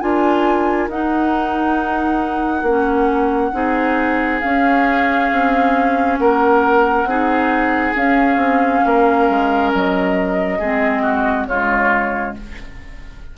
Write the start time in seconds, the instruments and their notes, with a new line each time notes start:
0.00 bassoon D4, clarinet F4, oboe A#4, flute G#5
0.88 bassoon D#4, clarinet D#4, flute F#5
2.62 bassoon A#3, clarinet C#4
3.52 bassoon C4, clarinet D#4, oboe G#4
4.40 clarinet C#4, bassoon C#4, flute F5
5.32 bassoon C4
6.18 bassoon A#3, oboe A#4, flute F#5
7.04 bassoon C4, clarinet D#4, oboe G#4
7.94 clarinet C#4, bassoon C#4, flute F5
8.36 bassoon C4
8.85 bassoon A#3, oboe A#4
9.29 bassoon G#3
9.73 bassoon F#3, flute D#5
10.58 bassoon G#3, clarinet C4, oboe G#4
11.02 oboe F#4
11.46 bassoon C#3, clarinet G#3, oboe F4, flute C#5